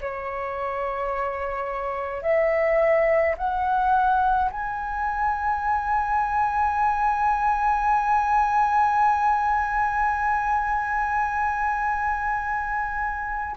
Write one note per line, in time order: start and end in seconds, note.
0.00 2.22 C#5
2.22 3.35 E5
3.37 4.50 F#5
4.50 13.56 G#5